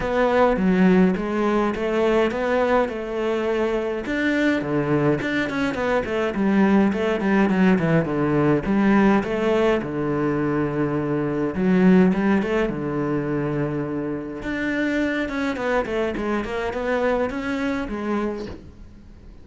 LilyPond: \new Staff \with { instrumentName = "cello" } { \time 4/4 \tempo 4 = 104 b4 fis4 gis4 a4 | b4 a2 d'4 | d4 d'8 cis'8 b8 a8 g4 | a8 g8 fis8 e8 d4 g4 |
a4 d2. | fis4 g8 a8 d2~ | d4 d'4. cis'8 b8 a8 | gis8 ais8 b4 cis'4 gis4 | }